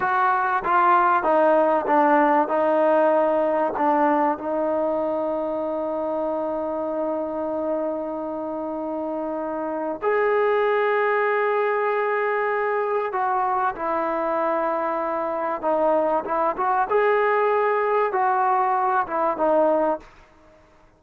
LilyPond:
\new Staff \with { instrumentName = "trombone" } { \time 4/4 \tempo 4 = 96 fis'4 f'4 dis'4 d'4 | dis'2 d'4 dis'4~ | dis'1~ | dis'1 |
gis'1~ | gis'4 fis'4 e'2~ | e'4 dis'4 e'8 fis'8 gis'4~ | gis'4 fis'4. e'8 dis'4 | }